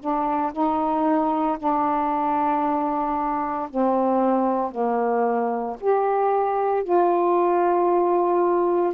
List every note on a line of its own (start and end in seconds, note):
0.00 0.53 D4
0.53 1.58 D#4
1.59 3.69 D4
3.70 4.72 C4
4.72 5.77 A#3
5.81 6.84 G4
6.84 8.94 F4